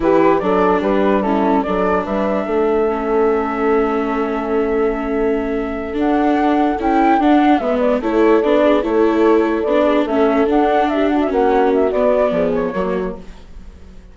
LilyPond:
<<
  \new Staff \with { instrumentName = "flute" } { \time 4/4 \tempo 4 = 146 b'4 d''4 b'4 a'4 | d''4 e''2.~ | e''1~ | e''2~ e''8 fis''4.~ |
fis''8 g''4 fis''4 e''8 d''8 cis''8~ | cis''8 d''4 cis''2 d''8~ | d''8 e''4 fis''4 e''8 fis''16 e''16 fis''8~ | fis''8 e''8 d''4. cis''4. | }
  \new Staff \with { instrumentName = "horn" } { \time 4/4 g'4 a'4 g'4 e'4 | a'4 b'4 a'2~ | a'1~ | a'1~ |
a'2~ a'8 b'4 a'8~ | a'4 gis'8 a'2~ a'8 | gis'8 a'2 g'8 fis'4~ | fis'2 gis'4 fis'4 | }
  \new Staff \with { instrumentName = "viola" } { \time 4/4 e'4 d'2 cis'4 | d'2. cis'4~ | cis'1~ | cis'2~ cis'8 d'4.~ |
d'8 e'4 d'4 b4 e'8~ | e'8 d'4 e'2 d'8~ | d'8 cis'4 d'2 cis'8~ | cis'4 b2 ais4 | }
  \new Staff \with { instrumentName = "bassoon" } { \time 4/4 e4 fis4 g2 | fis4 g4 a2~ | a1~ | a2~ a8 d'4.~ |
d'8 cis'4 d'4 gis4 a8~ | a8 b4 a2 b8~ | b8 a4 d'2 ais8~ | ais4 b4 f4 fis4 | }
>>